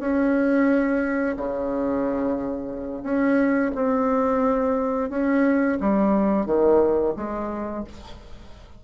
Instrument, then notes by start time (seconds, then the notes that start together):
bassoon
0.00 C#4
1.37 C#3
3.03 C#4
3.75 C4
5.10 C#4
5.80 G3
6.46 D#3
7.17 G#3